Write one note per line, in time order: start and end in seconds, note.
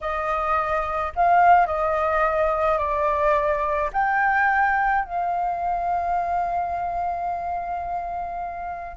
0.00 1.12 D#5
1.15 1.66 F5
1.66 2.78 D#5
2.78 3.90 D5
3.93 5.04 G5
5.04 8.96 F5